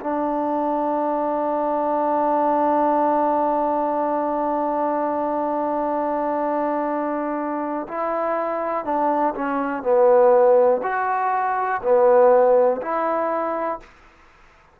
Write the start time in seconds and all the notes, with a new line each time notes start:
0.00 D4
7.87 E4
8.84 D4
9.34 C#4
9.82 B3
10.82 F#4
11.82 B3
12.81 E4